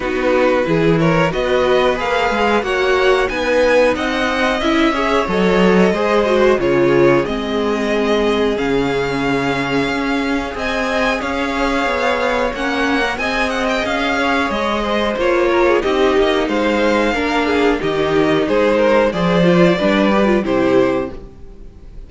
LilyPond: <<
  \new Staff \with { instrumentName = "violin" } { \time 4/4 \tempo 4 = 91 b'4. cis''8 dis''4 f''4 | fis''4 gis''4 fis''4 e''4 | dis''2 cis''4 dis''4~ | dis''4 f''2. |
gis''4 f''2 fis''4 | gis''8 fis''16 g''16 f''4 dis''4 cis''4 | dis''4 f''2 dis''4 | c''4 d''2 c''4 | }
  \new Staff \with { instrumentName = "violin" } { \time 4/4 fis'4 gis'8 ais'8 b'2 | cis''4 b'4 dis''4. cis''8~ | cis''4 c''4 gis'2~ | gis'1 |
dis''4 cis''2. | dis''4. cis''4 c''4 ais'16 gis'16 | g'4 c''4 ais'8 gis'8 g'4 | gis'8 ais'8 c''4 b'4 g'4 | }
  \new Staff \with { instrumentName = "viola" } { \time 4/4 dis'4 e'4 fis'4 gis'4 | fis'4 dis'2 e'8 gis'8 | a'4 gis'8 fis'8 f'4 c'4~ | c'4 cis'2. |
gis'2. cis'8. ais'16 | gis'2. f'4 | dis'2 d'4 dis'4~ | dis'4 gis'8 f'8 d'8 g'16 f'16 e'4 | }
  \new Staff \with { instrumentName = "cello" } { \time 4/4 b4 e4 b4 ais8 gis8 | ais4 b4 c'4 cis'4 | fis4 gis4 cis4 gis4~ | gis4 cis2 cis'4 |
c'4 cis'4 b4 ais4 | c'4 cis'4 gis4 ais4 | c'8 ais8 gis4 ais4 dis4 | gis4 f4 g4 c4 | }
>>